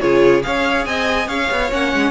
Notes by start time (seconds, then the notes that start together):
0.00 C#3 F4 G#4 C#5
0.42 C#4 G#4 C#5 F5
0.86 C4 D#5 G#5
1.27 C#4 C#5 F5
1.51 B3
1.71 A#3 C#4 F#5
1.93 G#3